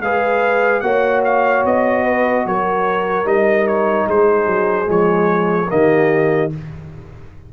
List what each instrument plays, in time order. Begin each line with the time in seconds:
0.00 tuba G#3, trombone G#4, horn B4, trumpet F5
0.81 tuba A#3, trombone F#4, horn C#5, trumpet F#5
1.25 trumpet F5
1.65 tuba B3, trumpet D#5
2.05 horn B4
2.46 tuba F#3, horn A#4, trumpet C#5
3.25 tuba G3, trombone D#4, trumpet D#5
3.67 trumpet C#5
4.07 tuba G#3, horn G#4, trumpet C5
4.47 tuba F#3
4.86 tuba F3, trombone G#3, trumpet C#5
5.69 tuba D#3, trombone A#3, horn G4, trumpet D#5